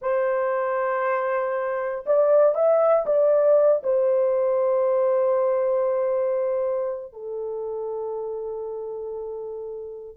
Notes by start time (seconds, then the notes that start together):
0.01 C5
2.06 D5
2.54 E5
3.06 D5
3.83 C5
7.13 A4